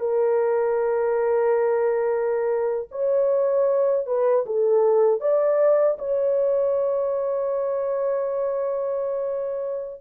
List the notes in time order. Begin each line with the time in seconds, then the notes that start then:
0.00 A#4
2.91 C#5
4.06 B4
4.46 A4
5.21 D5
5.99 C#5